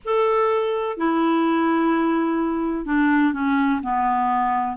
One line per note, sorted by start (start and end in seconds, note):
0.04 0.97 A4
0.97 2.85 E4
2.85 3.33 D4
3.33 3.81 C#4
3.83 4.77 B3